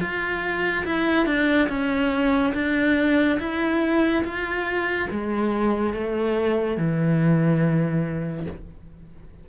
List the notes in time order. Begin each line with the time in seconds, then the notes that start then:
0.00 F4
0.85 E4
1.26 D4
1.68 C#4
2.54 D4
3.39 E4
4.24 F4
5.10 G#3
5.93 A3
6.77 E3